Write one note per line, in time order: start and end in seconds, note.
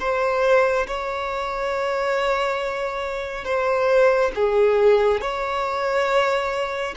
0.00 0.87 C5
0.87 3.45 C#5
3.45 4.32 C5
4.36 5.21 G#4
5.21 6.95 C#5